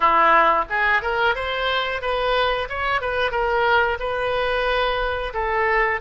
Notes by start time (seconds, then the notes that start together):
0.00 E4
0.69 G#4
1.02 A#4
1.35 C5
2.01 B4
2.69 C#5
3.01 B4
3.31 A#4
3.99 B4
5.33 A4